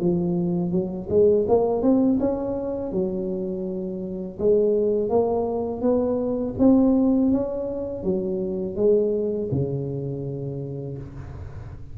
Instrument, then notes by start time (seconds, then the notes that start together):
tuba
0.00 F3
0.72 F#3
1.09 G#3
1.48 A#3
1.82 C4
2.20 C#4
2.92 F#3
4.39 G#3
5.10 A#3
5.81 B3
6.59 C4
7.31 C#4
8.03 F#3
8.76 G#3
9.51 C#3